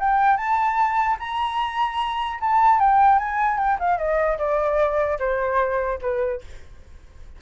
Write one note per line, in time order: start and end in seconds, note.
0.00 0.37 G5
0.37 1.17 A5
1.20 2.40 A#5
2.41 2.80 A5
2.80 3.19 G5
3.19 3.58 G#5
3.58 3.78 G5
3.80 3.98 F5
3.98 4.38 D#5
4.39 5.19 D5
5.19 5.99 C5
6.02 6.42 B4